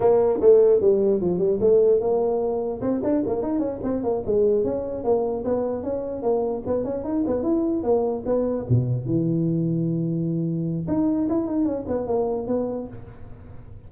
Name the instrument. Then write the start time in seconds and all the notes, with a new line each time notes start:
tuba
0.00 A#3
0.40 A3
0.80 G3
1.20 F3
1.38 G3
1.60 A3
2.00 A#3
2.81 C4
3.03 D4
3.26 A#3
3.42 D#4
3.59 C#4
3.83 C4
4.03 A#3
4.26 G#3
4.64 C#4
5.03 A#3
5.44 B3
5.83 C#4
6.22 A#3
6.66 B3
6.84 C#4
7.04 D#4
7.26 B3
7.42 E4
7.83 A#3
8.25 B3
8.69 B2
9.05 E3
10.87 D#4
11.28 E4
11.47 D#4
11.65 C#4
11.88 B3
12.06 A#3
12.47 B3